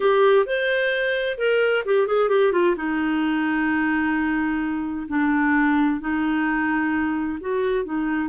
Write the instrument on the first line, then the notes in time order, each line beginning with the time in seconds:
clarinet
0.00 G4
0.46 C5
1.37 A#4
1.85 G4
2.07 G#4
2.29 G4
2.52 F4
2.76 D#4
5.08 D4
6.00 D#4
7.40 F#4
7.85 D#4